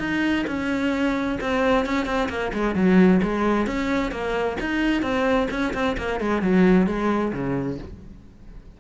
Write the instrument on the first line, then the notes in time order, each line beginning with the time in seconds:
cello
0.00 D#4
0.47 C#4
1.41 C4
1.86 C#4
2.06 C4
2.29 A#3
2.54 G#3
2.76 F#3
3.23 G#3
3.67 C#4
4.12 A#3
4.61 D#4
5.03 C4
5.51 C#4
5.74 C4
5.98 A#3
6.20 G#3
6.42 F#3
6.87 G#3
7.33 C#3